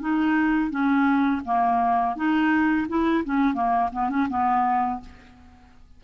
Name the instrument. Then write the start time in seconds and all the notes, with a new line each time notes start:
clarinet
0.00 D#4
0.70 C#4
1.45 A#3
2.16 D#4
2.88 E4
3.25 C#4
3.54 A#3
3.93 B3
4.09 C#4
4.29 B3